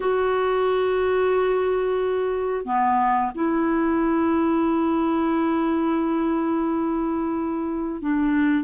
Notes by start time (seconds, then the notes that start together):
0.00 F#4
2.65 B3
3.35 E4
8.02 D4